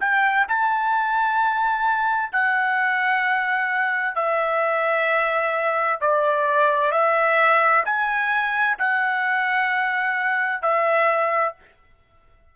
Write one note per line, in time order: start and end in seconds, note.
0.00 0.46 G5
0.47 2.32 A5
2.32 4.15 F#5
4.15 5.99 E5
6.00 6.91 D5
6.91 7.84 E5
7.85 8.77 G#5
8.78 10.62 F#5
10.62 11.54 E5